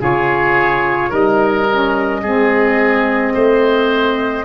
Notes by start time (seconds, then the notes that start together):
0.00 C#3 F4 G#4 C#5
1.10 G3 D#4 A#4 D#5
1.71 C#4
2.22 G#3 C4 G#4
3.34 A3 C5